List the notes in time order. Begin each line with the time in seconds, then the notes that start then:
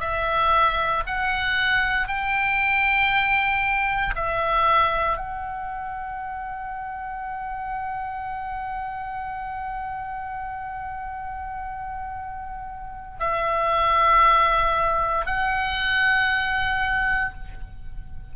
0.00 E5
1.06 F#5
2.07 G5
4.16 E5
5.17 F#5
13.19 E5
15.26 F#5